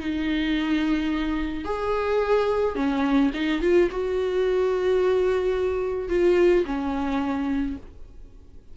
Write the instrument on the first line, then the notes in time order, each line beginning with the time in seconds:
viola
0.00 D#4
1.65 G#4
2.76 C#4
3.34 D#4
3.62 F4
3.91 F#4
6.09 F4
6.66 C#4